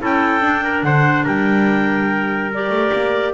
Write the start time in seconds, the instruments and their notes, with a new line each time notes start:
0.00 double bass C#4, clarinet E4 G5, trumpet A4
0.41 clarinet D4, double bass D4
0.64 trumpet A#4
0.83 double bass D3, trumpet C5, clarinet F#5
1.25 double bass G3, trumpet A#4, clarinet G5
2.54 clarinet G4 D5
2.70 double bass A3
2.93 double bass A#3